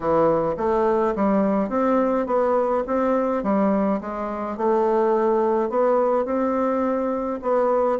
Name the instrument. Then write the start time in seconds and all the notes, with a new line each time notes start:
bassoon
0.00 E3
0.57 A3
1.15 G3
1.69 C4
2.26 B3
2.86 C4
3.43 G3
4.00 G#3
4.57 A3
5.69 B3
6.25 C4
7.42 B3